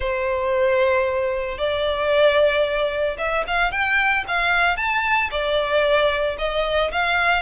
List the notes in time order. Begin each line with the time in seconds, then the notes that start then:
0.00 C5
1.58 D5
3.17 E5
3.47 F5
3.71 G5
4.27 F5
4.76 A5
5.30 D5
6.38 D#5
6.91 F5